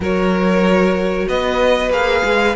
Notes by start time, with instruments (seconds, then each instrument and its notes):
0.00 cello F#3, viola F#4, violin A#4 C#5
1.28 cello B3, violin B4 D#5
1.90 cello A#3, viola G#4, violin F5
2.24 cello G#3